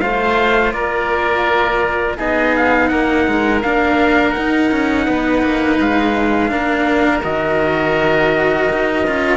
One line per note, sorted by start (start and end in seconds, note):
0.00 0.73 A3
0.00 2.18 F4
0.00 0.74 C5
0.00 0.72 F5
0.73 2.18 A#3
0.73 2.17 A#4
0.73 2.17 D5
2.17 2.91 B3
2.17 3.63 D#4
2.17 2.89 G#4
2.17 2.55 D#5
2.56 2.88 F5
2.88 3.27 A#3
2.88 5.06 A#4
2.88 3.61 F#5
3.27 3.64 G#3
3.62 4.37 A#3
3.62 4.34 D4
3.62 4.31 F5
4.31 6.49 D#4
4.31 4.71 D#4
4.31 5.76 F#5
4.71 5.07 C#4
5.06 5.43 B3
5.06 6.50 B4
5.43 5.79 A#3
5.80 6.52 G#3
5.80 7.24 F5
6.49 7.24 A#3
6.49 7.21 D4
6.49 9.37 A#4
7.23 8.69 D#3
7.23 9.04 F#4
7.23 9.37 D#5
8.72 9.07 D#4
9.06 9.37 C#4
9.06 9.37 F4